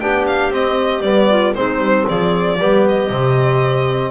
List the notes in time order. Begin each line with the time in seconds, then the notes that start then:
0.00 B3 D4 G4 G5
0.27 F5
0.50 C4 D#5
1.02 G3 B3 D5
1.30 F4
1.55 G#3 C4 D#4 C5
1.79 G3
2.07 F3 G#4 D5
2.58 G3 B3 G4
2.89 D#5
3.11 C3 C4